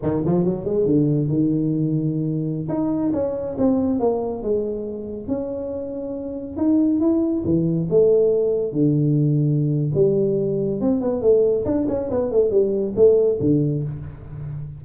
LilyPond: \new Staff \with { instrumentName = "tuba" } { \time 4/4 \tempo 4 = 139 dis8 f8 fis8 gis8 d4 dis4~ | dis2~ dis16 dis'4 cis'8.~ | cis'16 c'4 ais4 gis4.~ gis16~ | gis16 cis'2. dis'8.~ |
dis'16 e'4 e4 a4.~ a16~ | a16 d2~ d8. g4~ | g4 c'8 b8 a4 d'8 cis'8 | b8 a8 g4 a4 d4 | }